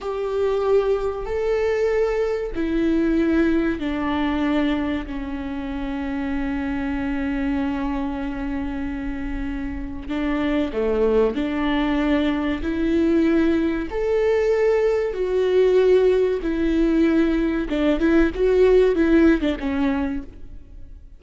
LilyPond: \new Staff \with { instrumentName = "viola" } { \time 4/4 \tempo 4 = 95 g'2 a'2 | e'2 d'2 | cis'1~ | cis'1 |
d'4 a4 d'2 | e'2 a'2 | fis'2 e'2 | d'8 e'8 fis'4 e'8. d'16 cis'4 | }